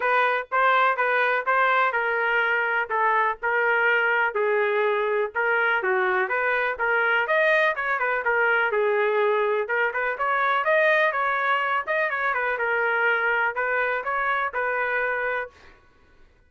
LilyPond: \new Staff \with { instrumentName = "trumpet" } { \time 4/4 \tempo 4 = 124 b'4 c''4 b'4 c''4 | ais'2 a'4 ais'4~ | ais'4 gis'2 ais'4 | fis'4 b'4 ais'4 dis''4 |
cis''8 b'8 ais'4 gis'2 | ais'8 b'8 cis''4 dis''4 cis''4~ | cis''8 dis''8 cis''8 b'8 ais'2 | b'4 cis''4 b'2 | }